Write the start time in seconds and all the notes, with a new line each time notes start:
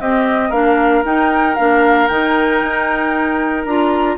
0.00 C4 G4 D#5
0.49 A#3 D4 A#4 F5
1.05 D#4 G5
1.55 A#3 D4 F5
2.07 D#3 D#4 G5
2.62 D#4
3.64 D4 F4 A#5